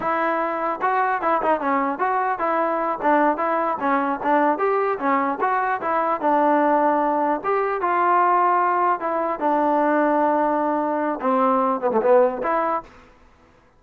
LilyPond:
\new Staff \with { instrumentName = "trombone" } { \time 4/4 \tempo 4 = 150 e'2 fis'4 e'8 dis'8 | cis'4 fis'4 e'4. d'8~ | d'8 e'4 cis'4 d'4 g'8~ | g'8 cis'4 fis'4 e'4 d'8~ |
d'2~ d'8 g'4 f'8~ | f'2~ f'8 e'4 d'8~ | d'1 | c'4. b16 a16 b4 e'4 | }